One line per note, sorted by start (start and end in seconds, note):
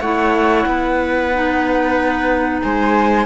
0.00 0.65 A3
0.00 1.33 E4
0.00 0.65 C#5
0.00 2.61 F#5
0.66 2.61 B3
0.66 2.63 B4
1.33 3.26 D#4
2.62 3.26 G#3
2.62 3.26 C5
2.62 3.26 G#5